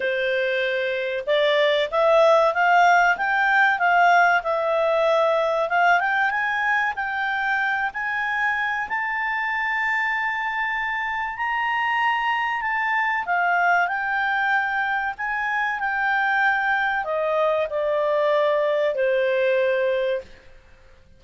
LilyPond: \new Staff \with { instrumentName = "clarinet" } { \time 4/4 \tempo 4 = 95 c''2 d''4 e''4 | f''4 g''4 f''4 e''4~ | e''4 f''8 g''8 gis''4 g''4~ | g''8 gis''4. a''2~ |
a''2 ais''2 | a''4 f''4 g''2 | gis''4 g''2 dis''4 | d''2 c''2 | }